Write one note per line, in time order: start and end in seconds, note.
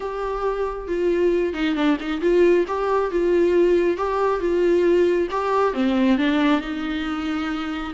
0.00 0.87 G4
0.87 1.53 F4
1.53 1.75 D#4
1.75 1.97 D4
2.00 2.21 D#4
2.21 2.65 F4
2.67 3.11 G4
3.11 3.97 F4
3.97 4.40 G4
4.40 5.28 F4
5.30 5.73 G4
5.73 6.17 C4
6.17 6.61 D4
6.61 7.93 D#4